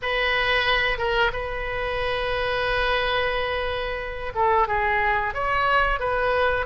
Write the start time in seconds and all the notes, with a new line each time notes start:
0.02 B4
0.98 A#4
1.32 B4
4.35 A4
4.67 G#4
5.34 C#5
5.99 B4